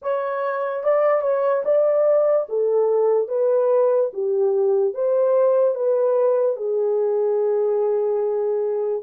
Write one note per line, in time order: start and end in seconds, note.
0.01 0.83 C#5
0.83 1.21 D5
1.21 1.62 C#5
1.64 2.47 D5
2.48 3.28 A4
3.28 4.10 B4
4.13 4.94 G4
4.94 5.74 C5
5.74 6.56 B4
6.56 9.02 G#4